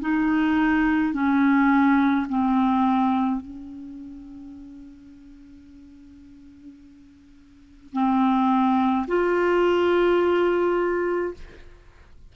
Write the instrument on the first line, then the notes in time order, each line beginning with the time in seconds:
clarinet
0.00 D#4
1.13 C#4
2.28 C4
3.41 C#4
7.92 C4
9.07 F4